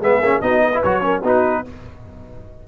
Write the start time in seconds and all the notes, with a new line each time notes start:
0.00 G#3 B3 G#4 E5
0.21 A#3 C#4
0.41 B3 D#4 F#4 D#5
0.63 B4
0.74 E4
0.83 F#3 F#4 C#5
1.01 C#4 A#4
1.22 B3 D#4 F#4 B4